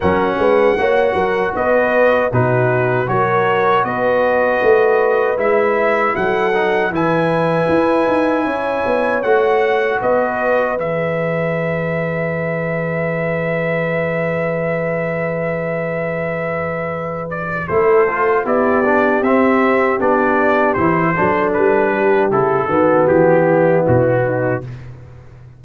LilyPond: <<
  \new Staff \with { instrumentName = "trumpet" } { \time 4/4 \tempo 4 = 78 fis''2 dis''4 b'4 | cis''4 dis''2 e''4 | fis''4 gis''2. | fis''4 dis''4 e''2~ |
e''1~ | e''2~ e''8 d''8 c''4 | d''4 e''4 d''4 c''4 | b'4 a'4 g'4 fis'4 | }
  \new Staff \with { instrumentName = "horn" } { \time 4/4 ais'8 b'8 cis''8 ais'8 b'4 fis'4 | ais'4 b'2. | a'4 b'2 cis''4~ | cis''4 b'2.~ |
b'1~ | b'2. a'4 | g'2.~ g'8 a'8~ | a'8 g'4 fis'4 e'4 dis'8 | }
  \new Staff \with { instrumentName = "trombone" } { \time 4/4 cis'4 fis'2 dis'4 | fis'2. e'4~ | e'8 dis'8 e'2. | fis'2 gis'2~ |
gis'1~ | gis'2. e'8 f'8 | e'8 d'8 c'4 d'4 e'8 d'8~ | d'4 e'8 b2~ b8 | }
  \new Staff \with { instrumentName = "tuba" } { \time 4/4 fis8 gis8 ais8 fis8 b4 b,4 | fis4 b4 a4 gis4 | fis4 e4 e'8 dis'8 cis'8 b8 | a4 b4 e2~ |
e1~ | e2. a4 | b4 c'4 b4 e8 fis8 | g4 cis8 dis8 e4 b,4 | }
>>